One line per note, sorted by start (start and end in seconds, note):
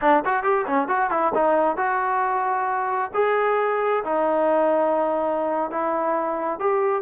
0.01 0.23 D4
0.25 0.43 F#4
0.43 0.65 G4
0.67 0.88 C#4
0.88 1.10 F#4
1.10 1.32 E4
1.34 1.76 D#4
1.76 3.11 F#4
3.14 4.03 G#4
4.04 5.70 D#4
5.70 6.59 E4
6.59 7.02 G4